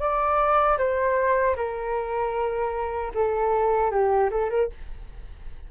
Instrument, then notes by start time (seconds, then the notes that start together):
flute
0.00 D5
0.78 C5
1.56 A#4
3.14 A4
3.91 G4
4.31 A4
4.50 A#4